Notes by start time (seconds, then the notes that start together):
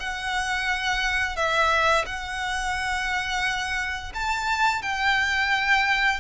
0.00 F#5
1.36 E5
2.06 F#5
4.15 A5
4.83 G5